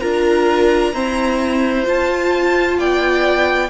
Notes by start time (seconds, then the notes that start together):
0.00 D4 F4 A#4 A#5
0.93 C4 E4 C5
1.83 F4 A5
2.78 B3 D5 G5